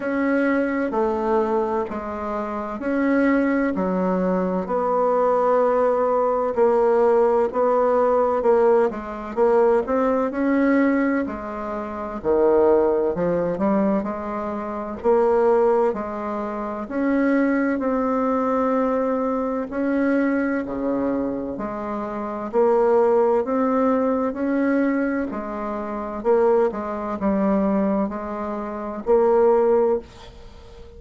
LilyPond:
\new Staff \with { instrumentName = "bassoon" } { \time 4/4 \tempo 4 = 64 cis'4 a4 gis4 cis'4 | fis4 b2 ais4 | b4 ais8 gis8 ais8 c'8 cis'4 | gis4 dis4 f8 g8 gis4 |
ais4 gis4 cis'4 c'4~ | c'4 cis'4 cis4 gis4 | ais4 c'4 cis'4 gis4 | ais8 gis8 g4 gis4 ais4 | }